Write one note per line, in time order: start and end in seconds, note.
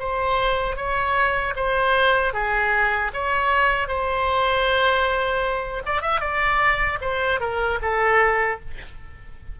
0.00 0.76 C5
0.76 1.54 C#5
1.56 2.34 C5
2.34 3.12 G#4
3.14 3.88 C#5
3.88 5.83 C5
5.86 6.02 D5
6.02 6.21 E5
6.21 6.99 D5
7.01 7.40 C5
7.40 7.79 A#4
7.82 8.60 A4